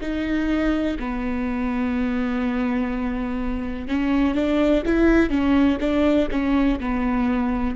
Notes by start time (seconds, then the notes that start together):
0.00 D#4
0.99 B3
3.87 C#4
4.34 D4
4.85 E4
5.29 C#4
5.80 D4
6.31 C#4
6.80 B3